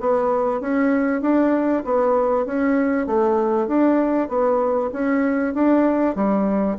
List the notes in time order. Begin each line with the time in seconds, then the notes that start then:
0.00 B3
0.60 C#4
1.21 D4
1.85 B3
2.46 C#4
3.06 A3
3.67 D4
4.29 B3
4.93 C#4
5.54 D4
6.15 G3